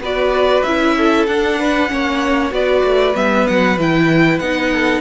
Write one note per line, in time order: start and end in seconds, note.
0.00 0.62 B3
0.00 0.66 F#4
0.00 0.96 B4
0.00 0.63 D5
0.63 1.27 C#4
0.63 1.28 E4
0.63 1.26 E5
0.97 1.60 A4
1.27 1.89 D4
1.27 1.88 D4
1.27 2.52 F#5
1.60 1.91 B4
1.88 2.51 A#3
1.88 2.51 C#4
1.88 2.54 C#5
2.51 2.83 B3
2.51 3.13 F#4
2.51 4.72 B4
2.51 3.16 D5
2.83 3.15 A3
3.15 3.47 G3
3.15 3.77 B3
3.15 3.47 E5
3.47 3.77 F#3
3.47 3.79 F#5
3.77 4.40 E3
3.77 4.42 E4
3.77 4.39 G5
4.39 5.01 B3
4.39 5.01 D#4
4.39 5.01 F#5
4.72 5.01 A4